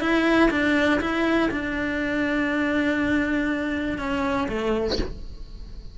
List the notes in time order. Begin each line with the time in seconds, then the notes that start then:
0.00 E4
0.50 D4
1.01 E4
1.51 D4
3.98 C#4
4.48 A3